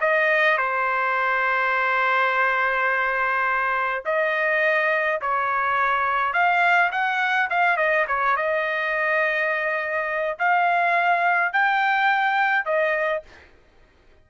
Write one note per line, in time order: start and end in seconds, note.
0.00 0.57 D#5
0.57 4.04 C5
4.05 5.20 D#5
5.21 6.33 C#5
6.33 6.91 F5
6.91 7.49 F#5
7.50 7.77 F5
7.77 8.06 D#5
8.07 8.36 C#5
8.36 10.38 D#5
10.39 11.53 F5
11.53 12.65 G5
12.65 13.23 D#5